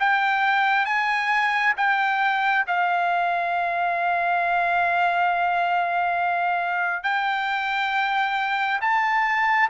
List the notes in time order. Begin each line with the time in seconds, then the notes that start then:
0.00 G5
0.85 G#5
1.77 G5
2.67 F5
7.04 G5
8.81 A5